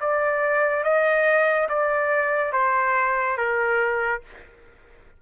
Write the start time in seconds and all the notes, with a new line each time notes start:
0.00 D5
0.83 D#5
1.69 D5
2.52 C5
3.37 A#4